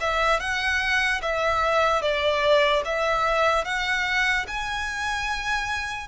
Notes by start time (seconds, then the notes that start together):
0.00 E5
0.40 F#5
1.22 E5
2.02 D5
2.85 E5
3.64 F#5
4.47 G#5